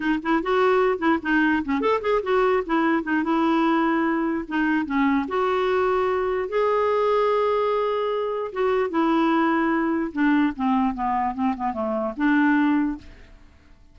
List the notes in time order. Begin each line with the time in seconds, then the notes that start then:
0.00 D#4
0.22 E4
0.43 F#4
0.98 E4
1.22 D#4
1.64 C#4
1.80 A4
2.01 G#4
2.22 F#4
2.66 E4
3.03 D#4
3.23 E4
4.48 D#4
4.85 C#4
5.28 F#4
6.48 G#4
8.52 F#4
8.89 E4
10.12 D4
10.56 C4
10.94 B3
11.34 C4
11.56 B3
11.73 A3
12.16 D4